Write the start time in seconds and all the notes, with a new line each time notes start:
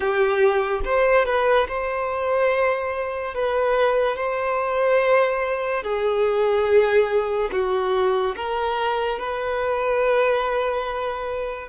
0.00 G4
0.84 C5
1.25 B4
1.68 C5
3.34 B4
4.16 C5
5.83 G#4
7.52 F#4
8.36 A#4
9.18 B4